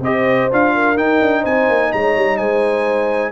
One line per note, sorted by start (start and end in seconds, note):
0.00 0.47 C4
0.00 0.51 G4
0.00 0.74 C5
0.00 0.51 D#5
0.51 0.96 D4
0.51 0.97 F4
0.51 0.97 F5
0.74 1.40 A#4
0.96 1.20 D#4
0.96 3.32 D#4
0.96 1.44 G5
1.21 1.45 D4
1.40 1.68 C4
1.40 1.87 C5
1.40 1.92 G#5
1.68 1.92 A#3
1.92 2.16 G#3
1.92 2.37 C#5
1.92 2.37 A#5
2.16 2.39 G3
2.37 3.32 G#3
2.37 3.32 C5
2.37 3.32 G#5